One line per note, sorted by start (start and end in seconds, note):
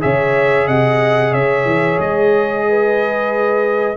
0.00 0.68 C#3
0.00 3.96 G#4
0.00 0.68 C#5
0.00 0.67 E5
0.68 1.34 C3
0.68 1.32 D#5
0.68 1.34 F#5
1.32 1.65 C#3
1.32 2.64 C#5
1.32 1.99 E5
1.65 1.98 E3
1.99 3.97 G#3
1.99 3.97 D#5
2.69 3.97 B4